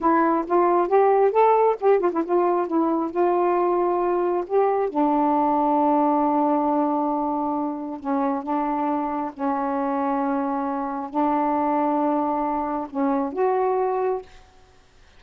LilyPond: \new Staff \with { instrumentName = "saxophone" } { \time 4/4 \tempo 4 = 135 e'4 f'4 g'4 a'4 | g'8 f'16 e'16 f'4 e'4 f'4~ | f'2 g'4 d'4~ | d'1~ |
d'2 cis'4 d'4~ | d'4 cis'2.~ | cis'4 d'2.~ | d'4 cis'4 fis'2 | }